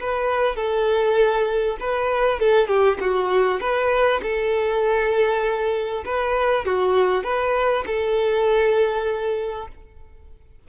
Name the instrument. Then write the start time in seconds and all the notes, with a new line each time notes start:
violin
0.00 B4
0.56 A4
1.80 B4
2.40 A4
2.68 G4
3.01 F#4
3.61 B4
4.23 A4
6.05 B4
6.66 F#4
7.24 B4
7.87 A4